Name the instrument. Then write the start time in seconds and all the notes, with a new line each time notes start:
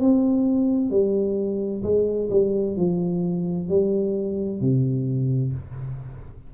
tuba
0.00 C4
0.90 G3
1.83 G#3
2.30 G3
2.77 F3
3.69 G3
4.61 C3